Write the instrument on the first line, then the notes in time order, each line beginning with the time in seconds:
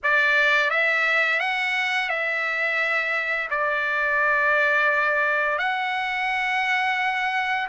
trumpet
0.03 D5
0.70 E5
1.40 F#5
2.09 E5
3.50 D5
5.58 F#5